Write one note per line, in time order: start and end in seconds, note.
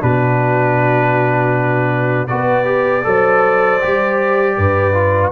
0.00 2.31 B2
0.00 2.28 D4
0.00 2.30 F#4
0.00 2.28 B4
2.28 3.06 B3
2.28 2.65 F#4
2.28 3.06 B4
2.28 5.31 D5
2.65 3.03 G4
3.03 3.81 F#3
3.03 3.79 A4
3.03 4.57 C5
3.81 4.57 G3
3.81 4.94 G4
4.57 5.32 G2
4.57 5.32 B4
4.94 5.32 F4